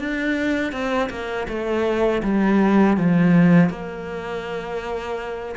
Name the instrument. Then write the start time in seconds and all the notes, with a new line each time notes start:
cello
0.00 D4
0.73 C4
1.10 A#3
1.48 A3
2.24 G3
2.98 F3
3.70 A#3